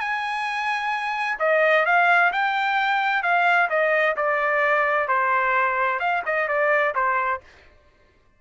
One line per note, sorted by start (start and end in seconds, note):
0.00 1.38 G#5
1.39 1.85 D#5
1.85 2.32 F5
2.32 3.23 G5
3.23 3.69 F5
3.69 4.16 D#5
4.16 5.08 D5
5.08 5.99 C5
5.99 6.22 F5
6.26 6.48 D#5
6.48 6.94 D5
6.95 7.41 C5